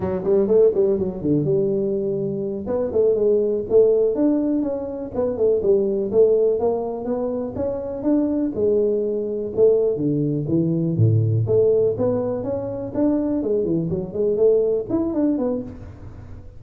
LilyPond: \new Staff \with { instrumentName = "tuba" } { \time 4/4 \tempo 4 = 123 fis8 g8 a8 g8 fis8 d8 g4~ | g4. b8 a8 gis4 a8~ | a8 d'4 cis'4 b8 a8 g8~ | g8 a4 ais4 b4 cis'8~ |
cis'8 d'4 gis2 a8~ | a8 d4 e4 a,4 a8~ | a8 b4 cis'4 d'4 gis8 | e8 fis8 gis8 a4 e'8 d'8 b8 | }